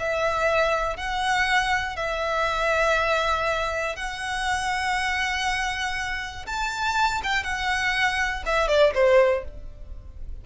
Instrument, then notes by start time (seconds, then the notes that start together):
violin
0.00 E5
0.97 F#5
1.97 E5
3.96 F#5
6.47 A5
7.24 G5
7.44 F#5
8.46 E5
8.68 D5
8.95 C5